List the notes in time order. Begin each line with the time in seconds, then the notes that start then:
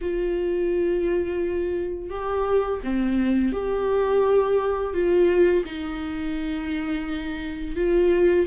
0.01 F4
2.10 G4
2.83 C4
3.52 G4
4.93 F4
5.65 D#4
7.76 F4